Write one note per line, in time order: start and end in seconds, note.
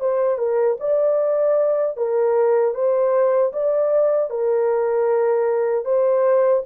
0.00 0.38 C5
0.38 0.77 A#4
0.80 1.97 D5
1.97 2.74 A#4
2.74 3.52 C5
3.53 4.30 D5
4.30 5.85 A#4
5.85 6.63 C5